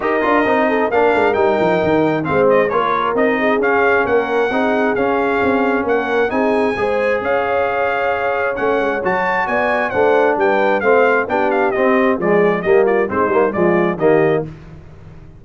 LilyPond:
<<
  \new Staff \with { instrumentName = "trumpet" } { \time 4/4 \tempo 4 = 133 dis''2 f''4 g''4~ | g''4 f''8 dis''8 cis''4 dis''4 | f''4 fis''2 f''4~ | f''4 fis''4 gis''2 |
f''2. fis''4 | a''4 gis''4 fis''4 g''4 | f''4 g''8 f''8 dis''4 d''4 | dis''8 d''8 c''4 d''4 dis''4 | }
  \new Staff \with { instrumentName = "horn" } { \time 4/4 ais'4. a'8 ais'2~ | ais'4 c''4 ais'4. gis'8~ | gis'4 ais'4 gis'2~ | gis'4 ais'4 gis'4 c''4 |
cis''1~ | cis''4 d''4 c''4 b'4 | c''4 g'2 gis'4 | g'8 f'8 dis'4 f'4 g'4 | }
  \new Staff \with { instrumentName = "trombone" } { \time 4/4 g'8 f'8 dis'4 d'4 dis'4~ | dis'4 c'4 f'4 dis'4 | cis'2 dis'4 cis'4~ | cis'2 dis'4 gis'4~ |
gis'2. cis'4 | fis'2 d'2 | c'4 d'4 c'4 gis4 | ais4 c'8 ais8 gis4 ais4 | }
  \new Staff \with { instrumentName = "tuba" } { \time 4/4 dis'8 d'8 c'4 ais8 gis8 g8 f8 | dis4 gis4 ais4 c'4 | cis'4 ais4 c'4 cis'4 | c'4 ais4 c'4 gis4 |
cis'2. a8 gis8 | fis4 b4 a4 g4 | a4 b4 c'4 f4 | g4 gis8 g8 f4 dis4 | }
>>